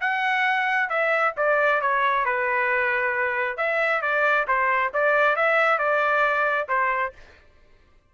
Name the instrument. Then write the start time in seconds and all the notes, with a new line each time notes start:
trumpet
0.00 F#5
0.89 E5
1.36 D5
1.81 C#5
2.25 B4
3.57 E5
4.01 D5
4.47 C5
4.93 D5
5.36 E5
5.78 D5
6.68 C5